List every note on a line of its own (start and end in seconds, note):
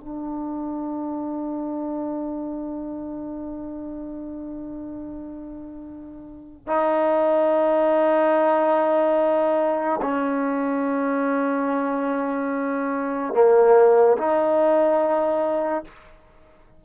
0.00 6.67 D4
6.67 10.00 D#4
10.01 13.33 C#4
13.33 14.17 A#3
14.17 15.84 D#4